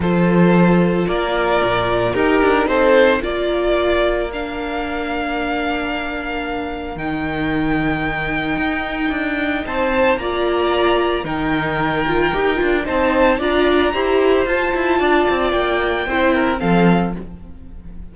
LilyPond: <<
  \new Staff \with { instrumentName = "violin" } { \time 4/4 \tempo 4 = 112 c''2 d''2 | ais'4 c''4 d''2 | f''1~ | f''4 g''2.~ |
g''2 a''4 ais''4~ | ais''4 g''2. | a''4 ais''2 a''4~ | a''4 g''2 f''4 | }
  \new Staff \with { instrumentName = "violin" } { \time 4/4 a'2 ais'2 | g'4 a'4 ais'2~ | ais'1~ | ais'1~ |
ais'2 c''4 d''4~ | d''4 ais'2. | c''4 d''4 c''2 | d''2 c''8 ais'8 a'4 | }
  \new Staff \with { instrumentName = "viola" } { \time 4/4 f'1 | dis'2 f'2 | d'1~ | d'4 dis'2.~ |
dis'2. f'4~ | f'4 dis'4. f'8 g'8 f'8 | dis'4 f'4 g'4 f'4~ | f'2 e'4 c'4 | }
  \new Staff \with { instrumentName = "cello" } { \time 4/4 f2 ais4 ais,4 | dis'8 d'8 c'4 ais2~ | ais1~ | ais4 dis2. |
dis'4 d'4 c'4 ais4~ | ais4 dis2 dis'8 d'8 | c'4 d'4 e'4 f'8 e'8 | d'8 c'8 ais4 c'4 f4 | }
>>